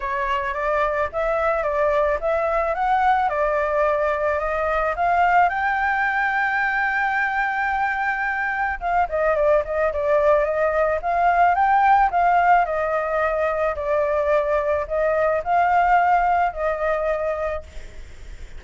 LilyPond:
\new Staff \with { instrumentName = "flute" } { \time 4/4 \tempo 4 = 109 cis''4 d''4 e''4 d''4 | e''4 fis''4 d''2 | dis''4 f''4 g''2~ | g''1 |
f''8 dis''8 d''8 dis''8 d''4 dis''4 | f''4 g''4 f''4 dis''4~ | dis''4 d''2 dis''4 | f''2 dis''2 | }